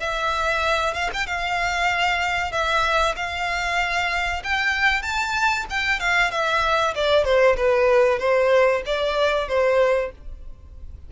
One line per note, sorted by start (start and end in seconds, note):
0.00 0.94 E5
0.94 1.10 F5
1.14 1.27 G5
1.27 2.52 F5
2.52 3.15 E5
3.17 4.43 F5
4.44 5.03 G5
5.03 5.66 A5
5.70 6.00 G5
6.00 6.31 F5
6.31 6.94 E5
6.95 7.25 D5
7.25 7.57 C5
7.57 8.19 B4
8.19 8.82 C5
8.86 9.49 D5
9.49 10.12 C5